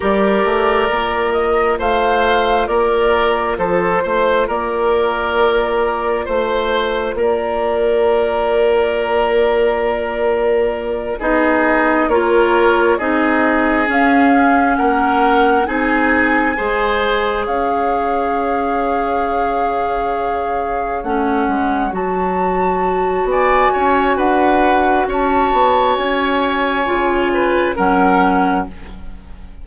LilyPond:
<<
  \new Staff \with { instrumentName = "flute" } { \time 4/4 \tempo 4 = 67 d''4. dis''8 f''4 d''4 | c''4 d''2 c''4 | d''1~ | d''8 dis''4 cis''4 dis''4 f''8~ |
f''8 fis''4 gis''2 f''8~ | f''2.~ f''8 fis''8~ | fis''8 a''4. gis''4 fis''4 | a''4 gis''2 fis''4 | }
  \new Staff \with { instrumentName = "oboe" } { \time 4/4 ais'2 c''4 ais'4 | a'8 c''8 ais'2 c''4 | ais'1~ | ais'8 gis'4 ais'4 gis'4.~ |
gis'8 ais'4 gis'4 c''4 cis''8~ | cis''1~ | cis''2 d''8 cis''8 b'4 | cis''2~ cis''8 b'8 ais'4 | }
  \new Staff \with { instrumentName = "clarinet" } { \time 4/4 g'4 f'2.~ | f'1~ | f'1~ | f'8 dis'4 f'4 dis'4 cis'8~ |
cis'4. dis'4 gis'4.~ | gis'2.~ gis'8 cis'8~ | cis'8 fis'2.~ fis'8~ | fis'2 f'4 cis'4 | }
  \new Staff \with { instrumentName = "bassoon" } { \time 4/4 g8 a8 ais4 a4 ais4 | f8 a8 ais2 a4 | ais1~ | ais8 b4 ais4 c'4 cis'8~ |
cis'8 ais4 c'4 gis4 cis'8~ | cis'2.~ cis'8 a8 | gis8 fis4. b8 cis'8 d'4 | cis'8 b8 cis'4 cis4 fis4 | }
>>